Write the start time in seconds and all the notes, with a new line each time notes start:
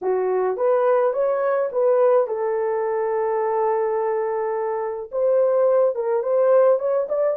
0.01 F#4
0.56 B4
1.13 C#5
1.71 B4
2.27 A4
5.11 C5
5.95 A#4
6.22 C5
6.79 C#5
7.09 D5